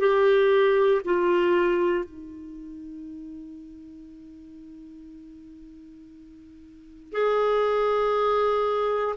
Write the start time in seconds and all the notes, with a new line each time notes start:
0.00 G4
1.05 F4
2.05 D#4
7.12 G#4